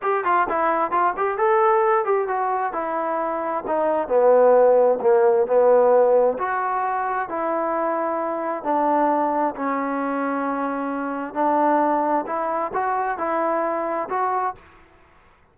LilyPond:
\new Staff \with { instrumentName = "trombone" } { \time 4/4 \tempo 4 = 132 g'8 f'8 e'4 f'8 g'8 a'4~ | a'8 g'8 fis'4 e'2 | dis'4 b2 ais4 | b2 fis'2 |
e'2. d'4~ | d'4 cis'2.~ | cis'4 d'2 e'4 | fis'4 e'2 fis'4 | }